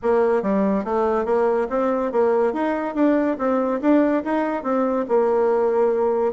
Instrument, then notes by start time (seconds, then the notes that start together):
bassoon
0.02 A#3
0.42 G3
0.84 A3
1.25 A#3
1.69 C4
2.11 A#3
2.53 D#4
2.94 D4
3.38 C4
3.81 D4
4.24 D#4
4.63 C4
5.08 A#3